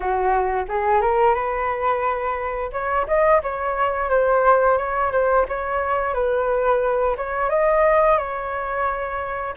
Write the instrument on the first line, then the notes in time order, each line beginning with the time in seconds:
flute
0.00 F#4
0.68 G#4
1.01 A#4
1.34 B4
2.72 C#5
3.07 D#5
3.42 C#5
4.09 C5
4.77 C#5
5.11 C5
5.48 C#5
6.14 B4
7.17 C#5
7.49 D#5
8.18 C#5